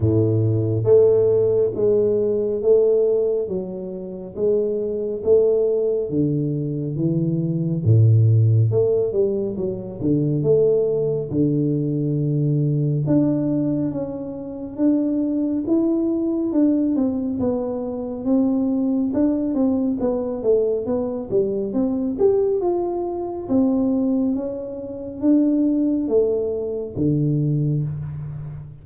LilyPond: \new Staff \with { instrumentName = "tuba" } { \time 4/4 \tempo 4 = 69 a,4 a4 gis4 a4 | fis4 gis4 a4 d4 | e4 a,4 a8 g8 fis8 d8 | a4 d2 d'4 |
cis'4 d'4 e'4 d'8 c'8 | b4 c'4 d'8 c'8 b8 a8 | b8 g8 c'8 g'8 f'4 c'4 | cis'4 d'4 a4 d4 | }